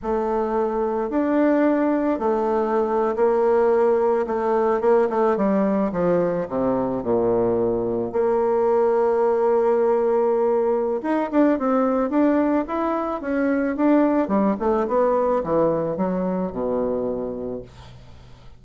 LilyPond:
\new Staff \with { instrumentName = "bassoon" } { \time 4/4 \tempo 4 = 109 a2 d'2 | a4.~ a16 ais2 a16~ | a8. ais8 a8 g4 f4 c16~ | c8. ais,2 ais4~ ais16~ |
ais1 | dis'8 d'8 c'4 d'4 e'4 | cis'4 d'4 g8 a8 b4 | e4 fis4 b,2 | }